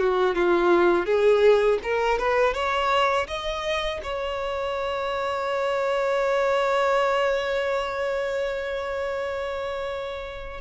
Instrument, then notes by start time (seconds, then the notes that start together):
violin
0.00 F#4
0.35 F4
1.06 G#4
1.84 A#4
2.19 B4
2.54 C#5
3.28 D#5
4.03 C#5